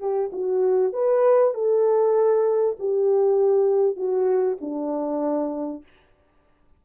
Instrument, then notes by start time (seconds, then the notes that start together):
horn
0.00 G4
0.32 F#4
0.93 B4
1.54 A4
2.79 G4
3.96 F#4
4.61 D4